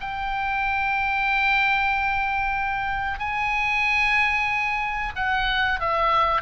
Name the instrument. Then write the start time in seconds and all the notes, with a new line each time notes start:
oboe
0.00 G5
3.19 G#5
5.15 F#5
5.80 E5